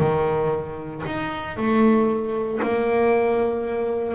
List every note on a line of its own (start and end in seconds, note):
0.00 1.03 D#3
1.06 1.57 D#4
1.57 2.60 A3
2.63 4.15 A#3